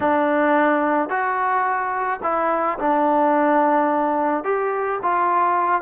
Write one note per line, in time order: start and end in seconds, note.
0.00 1.09 D4
1.09 2.20 F#4
2.22 2.78 E4
2.79 4.43 D4
4.43 4.99 G4
5.02 5.81 F4